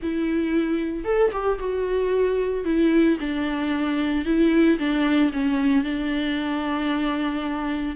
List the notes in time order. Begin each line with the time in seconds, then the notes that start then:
0.02 E4
1.04 A4
1.32 G4
1.59 F#4
2.65 E4
3.20 D4
4.25 E4
4.78 D4
5.32 C#4
5.84 D4